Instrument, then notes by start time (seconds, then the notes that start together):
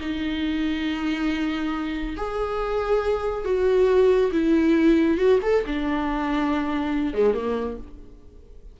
viola
0.00 D#4
2.16 G#4
3.45 F#4
4.32 E4
5.17 F#4
5.42 A4
5.66 D4
7.13 G#3
7.34 A#3